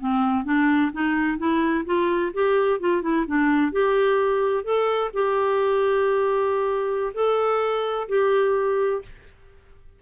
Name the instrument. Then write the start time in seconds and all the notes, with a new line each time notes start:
clarinet
0.00 C4
0.45 D4
0.93 D#4
1.38 E4
1.86 F4
2.34 G4
2.81 F4
3.03 E4
3.27 D4
3.73 G4
4.64 A4
5.14 G4
7.15 A4
8.09 G4